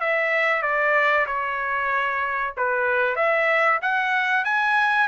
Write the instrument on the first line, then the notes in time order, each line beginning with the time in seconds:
trumpet
0.00 E5
0.62 D5
1.26 C#5
2.57 B4
3.16 E5
3.82 F#5
4.44 G#5